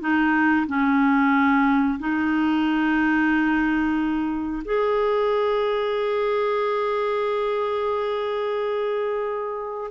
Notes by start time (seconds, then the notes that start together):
0.00 D#4
0.67 C#4
1.99 D#4
4.65 G#4